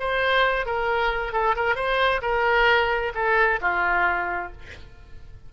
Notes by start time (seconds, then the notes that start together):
0.00 C5
0.66 A#4
1.33 A4
1.56 A#4
1.76 C5
2.22 A#4
3.14 A4
3.61 F4